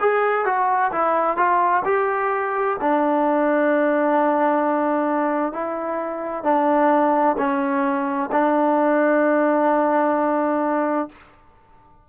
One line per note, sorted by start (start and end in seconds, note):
0.00 0.45 G#4
0.45 0.91 F#4
0.92 1.37 E4
1.37 1.83 F4
1.85 2.77 G4
2.81 5.53 D4
5.53 6.44 E4
6.44 7.36 D4
7.38 8.30 C#4
8.32 11.09 D4